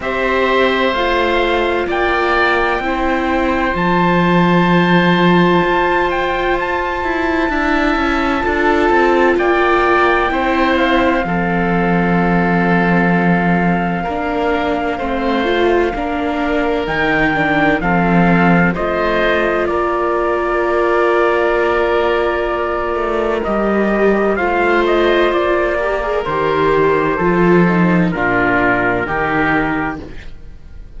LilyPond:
<<
  \new Staff \with { instrumentName = "trumpet" } { \time 4/4 \tempo 4 = 64 e''4 f''4 g''2 | a''2~ a''8 g''8 a''4~ | a''2 g''4. f''8~ | f''1~ |
f''2 g''4 f''4 | dis''4 d''2.~ | d''4 dis''4 f''8 dis''8 d''4 | c''2 ais'2 | }
  \new Staff \with { instrumentName = "oboe" } { \time 4/4 c''2 d''4 c''4~ | c''1 | e''4 a'4 d''4 c''4 | a'2. ais'4 |
c''4 ais'2 a'4 | c''4 ais'2.~ | ais'2 c''4. ais'8~ | ais'4 a'4 f'4 g'4 | }
  \new Staff \with { instrumentName = "viola" } { \time 4/4 g'4 f'2 e'4 | f'1 | e'4 f'2 e'4 | c'2. d'4 |
c'8 f'8 d'4 dis'8 d'8 c'4 | f'1~ | f'4 g'4 f'4. g'16 gis'16 | g'4 f'8 dis'8 d'4 dis'4 | }
  \new Staff \with { instrumentName = "cello" } { \time 4/4 c'4 a4 ais4 c'4 | f2 f'4. e'8 | d'8 cis'8 d'8 c'8 ais4 c'4 | f2. ais4 |
a4 ais4 dis4 f4 | a4 ais2.~ | ais8 a8 g4 a4 ais4 | dis4 f4 ais,4 dis4 | }
>>